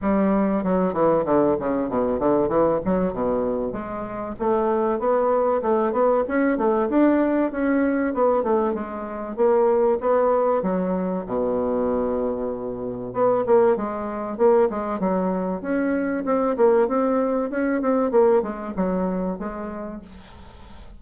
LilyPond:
\new Staff \with { instrumentName = "bassoon" } { \time 4/4 \tempo 4 = 96 g4 fis8 e8 d8 cis8 b,8 d8 | e8 fis8 b,4 gis4 a4 | b4 a8 b8 cis'8 a8 d'4 | cis'4 b8 a8 gis4 ais4 |
b4 fis4 b,2~ | b,4 b8 ais8 gis4 ais8 gis8 | fis4 cis'4 c'8 ais8 c'4 | cis'8 c'8 ais8 gis8 fis4 gis4 | }